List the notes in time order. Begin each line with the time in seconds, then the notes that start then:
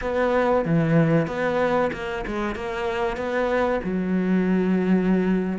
0.01 B3
0.65 E3
1.27 B3
1.93 A#3
2.27 G#3
2.55 A#3
3.16 B3
3.83 F#3